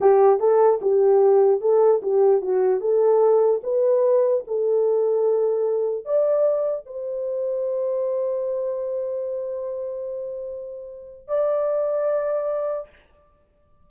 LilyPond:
\new Staff \with { instrumentName = "horn" } { \time 4/4 \tempo 4 = 149 g'4 a'4 g'2 | a'4 g'4 fis'4 a'4~ | a'4 b'2 a'4~ | a'2. d''4~ |
d''4 c''2.~ | c''1~ | c''1 | d''1 | }